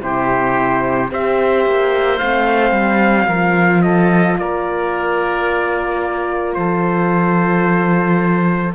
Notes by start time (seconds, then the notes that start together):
0.00 C3 E4 G4 C5
1.10 C4 G4 C5 E5
1.65 A#3
2.18 A3 C4 F5
2.71 G3
3.27 F3 F4 A#4
3.82 A4 D#5
4.38 A#3 A#4 D5
6.54 F3 A4 C5